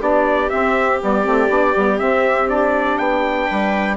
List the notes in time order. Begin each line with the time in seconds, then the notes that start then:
0.00 B3 D4 G4 D5
0.50 C4 E5
1.01 G3 B3 D5
1.24 A3 C4
1.49 B3 D4
1.75 G3 B3
1.99 C4 E5
2.47 D4 D5
2.98 B3 G5
3.46 G3 B4